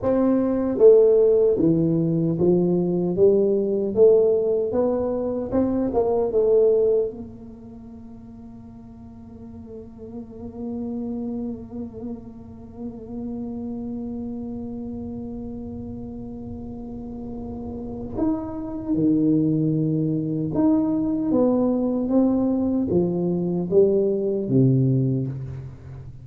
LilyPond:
\new Staff \with { instrumentName = "tuba" } { \time 4/4 \tempo 4 = 76 c'4 a4 e4 f4 | g4 a4 b4 c'8 ais8 | a4 ais2.~ | ais1~ |
ais1~ | ais2. dis'4 | dis2 dis'4 b4 | c'4 f4 g4 c4 | }